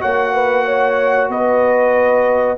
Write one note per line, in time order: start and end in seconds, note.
0.00 1.29 A#3
0.00 2.57 F#4
0.00 0.33 C#5
0.00 1.30 F#5
0.33 0.65 B4
0.65 1.29 C#5
1.29 2.57 B3
1.29 2.57 B4
1.29 2.57 D#5